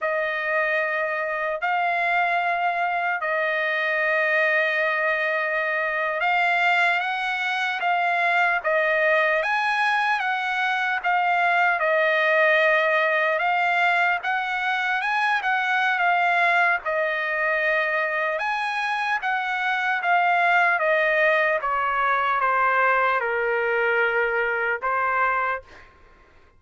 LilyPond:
\new Staff \with { instrumentName = "trumpet" } { \time 4/4 \tempo 4 = 75 dis''2 f''2 | dis''2.~ dis''8. f''16~ | f''8. fis''4 f''4 dis''4 gis''16~ | gis''8. fis''4 f''4 dis''4~ dis''16~ |
dis''8. f''4 fis''4 gis''8 fis''8. | f''4 dis''2 gis''4 | fis''4 f''4 dis''4 cis''4 | c''4 ais'2 c''4 | }